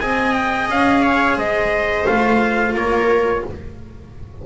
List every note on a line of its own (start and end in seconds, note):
0.00 0.69 C4
0.00 2.07 G#4
0.00 1.02 D#5
0.00 0.33 G#5
0.33 0.68 G5
0.69 1.37 C#4
0.69 1.38 F5
1.02 1.36 C#5
1.36 2.06 G#3
1.36 2.74 C5
1.36 2.06 D#5
2.06 2.74 A3
2.06 3.45 F4
2.06 2.75 F5
2.74 3.43 A#3
2.74 3.43 A#4
2.74 3.46 C#5